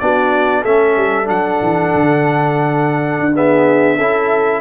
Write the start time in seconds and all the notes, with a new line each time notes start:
0.00 B3 D4 F#4 D5
0.62 A3 C#4 A4 E5
0.97 G3
1.24 F#3 D4 F#5
1.62 E3
1.95 D3
3.19 D4
3.35 B3 G#4 E5
3.97 C#4 E4 A4